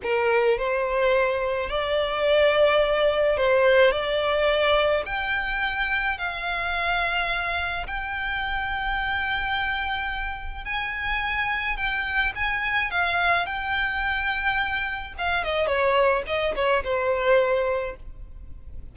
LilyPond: \new Staff \with { instrumentName = "violin" } { \time 4/4 \tempo 4 = 107 ais'4 c''2 d''4~ | d''2 c''4 d''4~ | d''4 g''2 f''4~ | f''2 g''2~ |
g''2. gis''4~ | gis''4 g''4 gis''4 f''4 | g''2. f''8 dis''8 | cis''4 dis''8 cis''8 c''2 | }